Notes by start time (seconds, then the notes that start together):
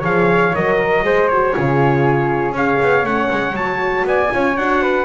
0.00 F3 G#4 C#5 F5
0.55 F#3 A#4 D#5
0.79 A#4
1.03 G#3 G#4 C5
1.28 F#4 C#5
1.54 C#3 F4 G#4
2.52 C#4 G#4 C#5 F5
2.82 B3
3.04 A3 C#4 F#5
3.31 G#3
3.53 F#3 F#4 A5
4.04 B3 D5 G#5
4.30 C#4 F4 C#5
4.57 D4 F#4 F#5
4.82 B4